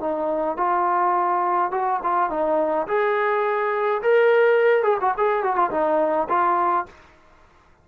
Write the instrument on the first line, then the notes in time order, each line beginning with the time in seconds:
trombone
0.00 D#4
0.57 F4
1.71 F#4
2.03 F4
2.30 D#4
2.87 G#4
4.02 A#4
4.83 G#4
5.00 F#4
5.17 G#4
5.43 F#4
5.56 F4
5.70 D#4
6.29 F4